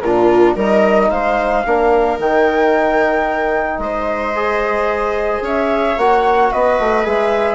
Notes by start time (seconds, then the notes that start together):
0.00 A#2 D4 F4 A#4
0.55 G3 D#4 A#4 D#5
1.10 G#3 C5 F5
1.65 A#3 D4 A#4
2.18 D#3 D#4 G5
3.78 G#3 C5 D#5
4.35 G#4
5.41 C#4 C#5 E5
5.97 A#3 F#4 F#5
6.51 B3 B4 D#5
6.79 A3
7.03 G#3 G#4 E5